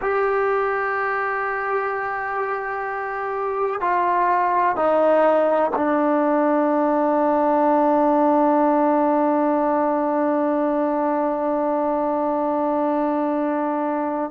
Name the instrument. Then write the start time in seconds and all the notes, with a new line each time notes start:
trombone
0.01 G4
3.81 F4
4.76 D#4
5.75 D4